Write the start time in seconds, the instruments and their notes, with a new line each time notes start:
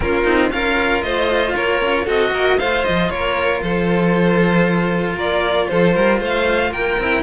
0.00 cello A#3 C#4, violin F4 A#4
0.24 cello C4 D#4
0.50 cello C#4 F4, violin A#4 F5
1.02 cello A3, violin C5 D#5
1.54 cello A#3, violin A#4 C#5
1.80 cello C#4
2.04 cello C4 F#4, violin A4 D#5
2.31 cello A#3, violin A#4
2.58 cello A3 F4, violin C5 F5
2.84 cello F3, violin D#5
3.09 cello A#3, violin A#4 C#5
3.62 cello F3, violin A4 C5
5.15 cello A#3, violin A#4 D5
5.68 cello F3, violin A4 C5
5.94 cello G3, violin A#4
6.19 cello A3, violin C5 F5
6.70 cello A#3, violin A#4 G5
6.98 cello C4 E4